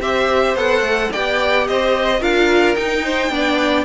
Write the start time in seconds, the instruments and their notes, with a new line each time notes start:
0.00 cello C4, viola G4, violin C5 E5
0.55 cello B3, viola A4, violin F#5
0.81 cello A3
1.12 cello B3, viola G4, violin D5 G5
1.67 cello C4, violin C5 D#5
2.20 cello D4, viola F4, violin A#4 F5
2.75 cello D#4, viola D#4, violin G5
3.04 violin C5
3.30 cello B3, viola D4, violin D5